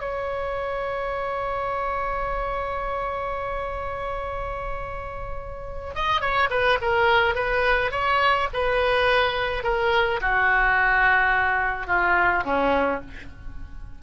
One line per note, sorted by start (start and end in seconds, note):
0.00 5.94 C#5
5.95 6.21 D#5
6.21 6.49 C#5
6.50 6.78 B4
6.82 7.35 A#4
7.35 7.91 B4
7.91 8.48 C#5
8.53 9.64 B4
9.64 10.20 A#4
10.21 11.87 F#4
11.87 12.43 F4
12.45 13.01 C#4